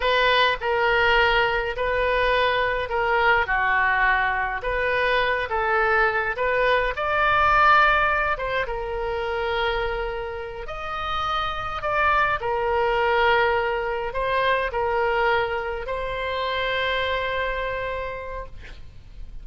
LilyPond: \new Staff \with { instrumentName = "oboe" } { \time 4/4 \tempo 4 = 104 b'4 ais'2 b'4~ | b'4 ais'4 fis'2 | b'4. a'4. b'4 | d''2~ d''8 c''8 ais'4~ |
ais'2~ ais'8 dis''4.~ | dis''8 d''4 ais'2~ ais'8~ | ais'8 c''4 ais'2 c''8~ | c''1 | }